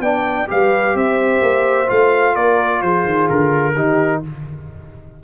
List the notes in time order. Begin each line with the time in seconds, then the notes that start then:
0.00 B3 D4 D5 G5
0.48 G3 G4 B4 F5
0.95 C4 C5 E5
1.42 A#3
1.87 A3 F4 F5
2.35 A#3 A#4 D5
2.82 F3 G#4 C5
3.04 D#3
3.29 D3 A#4
3.75 D#3 D#4 G4